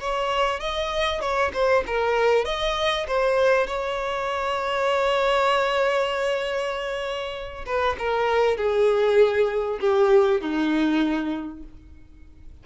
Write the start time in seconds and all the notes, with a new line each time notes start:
0.00 C#5
0.60 D#5
1.21 C#5
1.53 C5
1.86 A#4
2.45 D#5
3.08 C5
3.67 C#5
7.66 B4
7.99 A#4
8.57 G#4
9.80 G4
10.41 D#4